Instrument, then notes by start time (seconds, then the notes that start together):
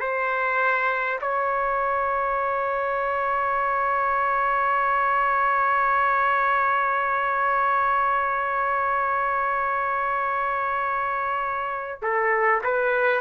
trumpet
0.00 C5
1.22 C#5
12.03 A4
12.64 B4